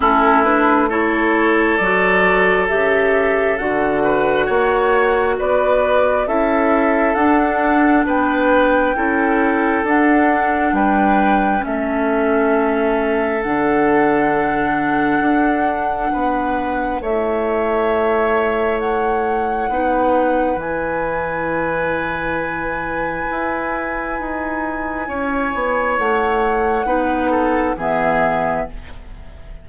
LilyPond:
<<
  \new Staff \with { instrumentName = "flute" } { \time 4/4 \tempo 4 = 67 a'8 b'8 cis''4 d''4 e''4 | fis''2 d''4 e''4 | fis''4 g''2 fis''4 | g''4 e''2 fis''4~ |
fis''2. e''4~ | e''4 fis''2 gis''4~ | gis''1~ | gis''4 fis''2 e''4 | }
  \new Staff \with { instrumentName = "oboe" } { \time 4/4 e'4 a'2.~ | a'8 b'8 cis''4 b'4 a'4~ | a'4 b'4 a'2 | b'4 a'2.~ |
a'2 b'4 cis''4~ | cis''2 b'2~ | b'1 | cis''2 b'8 a'8 gis'4 | }
  \new Staff \with { instrumentName = "clarinet" } { \time 4/4 cis'8 d'8 e'4 fis'4 g'4 | fis'2. e'4 | d'2 e'4 d'4~ | d'4 cis'2 d'4~ |
d'2. e'4~ | e'2 dis'4 e'4~ | e'1~ | e'2 dis'4 b4 | }
  \new Staff \with { instrumentName = "bassoon" } { \time 4/4 a2 fis4 cis4 | d4 ais4 b4 cis'4 | d'4 b4 cis'4 d'4 | g4 a2 d4~ |
d4 d'4 b4 a4~ | a2 b4 e4~ | e2 e'4 dis'4 | cis'8 b8 a4 b4 e4 | }
>>